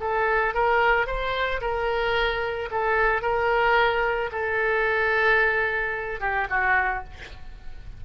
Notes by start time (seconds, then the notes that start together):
0.00 A4
0.54 A#4
1.06 C5
1.61 A#4
2.71 A4
3.22 A#4
4.31 A4
6.20 G4
6.50 F#4